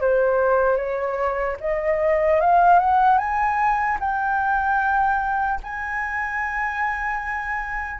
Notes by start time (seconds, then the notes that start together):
0.00 C5
0.76 C#5
1.60 D#5
2.40 F5
2.79 F#5
3.17 G#5
4.00 G5
5.63 G#5